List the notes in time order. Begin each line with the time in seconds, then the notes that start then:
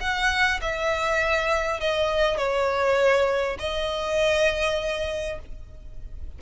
0.00 F#5
0.61 E5
1.80 D#5
2.37 C#5
3.59 D#5